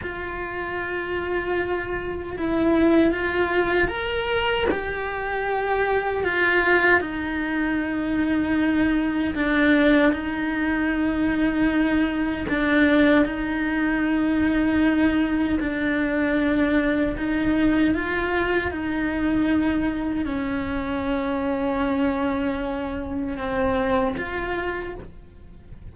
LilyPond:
\new Staff \with { instrumentName = "cello" } { \time 4/4 \tempo 4 = 77 f'2. e'4 | f'4 ais'4 g'2 | f'4 dis'2. | d'4 dis'2. |
d'4 dis'2. | d'2 dis'4 f'4 | dis'2 cis'2~ | cis'2 c'4 f'4 | }